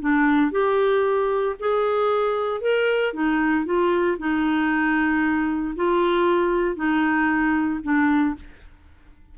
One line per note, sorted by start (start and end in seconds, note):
0.00 0.51 D4
0.51 1.56 G4
1.59 2.61 G#4
2.61 3.13 A#4
3.13 3.65 D#4
3.65 4.17 F4
4.18 5.75 D#4
5.75 6.76 F4
6.76 7.80 D#4
7.83 8.35 D4